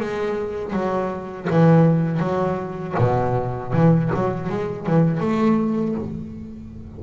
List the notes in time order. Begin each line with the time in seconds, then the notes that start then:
0.00 G#3
0.73 F#3
1.50 E3
2.20 F#3
2.99 B2
3.73 E3
4.14 F#3
4.49 G#3
4.86 E3
5.20 A3